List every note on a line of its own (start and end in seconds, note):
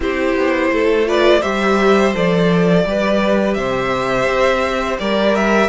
0.00 0.35 C4
0.00 1.06 E4
0.00 0.72 G4
0.00 1.08 C5
0.35 0.70 B3
0.71 1.42 A3
0.71 1.07 A4
1.06 1.41 F4
1.06 1.40 B4
1.06 1.42 D5
1.40 2.14 G3
1.40 2.13 G4
1.40 2.83 C5
1.40 2.13 E5
2.14 2.85 F3
2.14 2.86 A4
2.14 3.54 D5
2.85 3.56 G3
2.85 5.68 G4
2.85 3.57 B4
3.54 4.26 C3
3.54 5.00 C5
3.54 4.96 E5
4.26 4.98 C4
4.99 5.68 G3
4.99 5.68 A#4
4.99 5.35 D5
5.35 5.68 E5